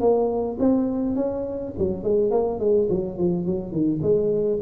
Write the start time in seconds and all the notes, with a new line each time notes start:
0.00 A#3
0.59 C4
1.15 C#4
1.78 F#3
2.03 G#3
2.31 A#3
2.59 G#3
2.90 F#3
3.17 F3
3.46 F#3
3.71 D#3
4.02 G#3